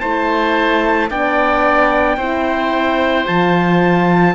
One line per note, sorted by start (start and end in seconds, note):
0.00 1.10 A3
0.00 1.10 E4
0.00 1.10 C5
0.00 1.09 A5
1.10 2.17 B3
1.10 2.18 D4
1.10 2.17 D5
1.10 3.27 G5
2.17 3.26 C4
2.17 3.26 E4
2.17 4.35 C5
3.26 4.35 F3
3.26 4.35 F4
3.26 4.35 A5